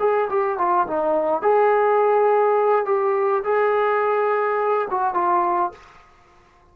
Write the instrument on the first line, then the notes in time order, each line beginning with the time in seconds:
trombone
0.00 G#4
0.30 G4
0.58 F4
0.88 D#4
1.43 G#4
2.86 G4
3.44 G#4
4.91 F#4
5.15 F4